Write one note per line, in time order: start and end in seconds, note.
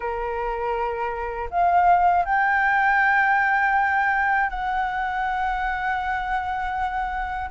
0.00 1.49 A#4
1.50 2.25 F5
2.25 4.50 G5
4.50 7.50 F#5